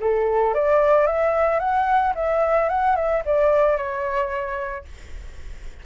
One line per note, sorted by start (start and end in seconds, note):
0.00 0.54 A4
0.54 1.07 D5
1.07 1.59 E5
1.59 2.13 F#5
2.15 2.69 E5
2.69 2.96 F#5
2.96 3.23 E5
3.26 3.77 D5
3.77 4.85 C#5